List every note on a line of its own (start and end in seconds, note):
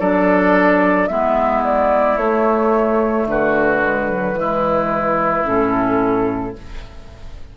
0.00 1.09 F#3
0.00 1.09 D4
0.00 1.09 A4
0.00 1.07 D5
1.07 2.17 G#3
1.07 2.18 B3
1.07 3.27 E4
1.07 1.62 E5
1.64 2.17 D5
2.17 3.26 A3
2.17 3.82 A3
2.17 3.26 C#5
3.26 4.33 D3
3.26 4.39 F#4
3.26 5.46 B4
3.82 4.09 G#3
4.09 4.35 F#3
4.33 5.42 E3
4.33 5.44 G#3
4.33 6.57 E4
5.44 6.56 A2
5.44 6.53 C#4
5.44 6.55 A4